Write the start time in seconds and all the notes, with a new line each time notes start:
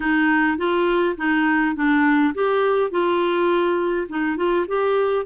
0.00 D#4
0.57 F4
1.17 D#4
1.75 D4
2.34 G4
2.90 F4
4.09 D#4
4.36 F4
4.67 G4